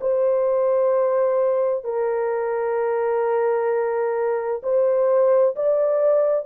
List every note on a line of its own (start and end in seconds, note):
0.00 1.84 C5
1.84 4.61 A#4
4.62 5.55 C5
5.56 6.45 D5